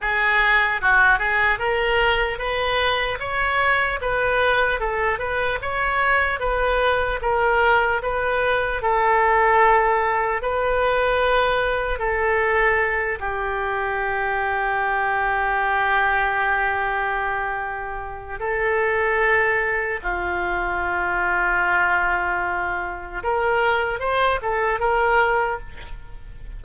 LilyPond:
\new Staff \with { instrumentName = "oboe" } { \time 4/4 \tempo 4 = 75 gis'4 fis'8 gis'8 ais'4 b'4 | cis''4 b'4 a'8 b'8 cis''4 | b'4 ais'4 b'4 a'4~ | a'4 b'2 a'4~ |
a'8 g'2.~ g'8~ | g'2. a'4~ | a'4 f'2.~ | f'4 ais'4 c''8 a'8 ais'4 | }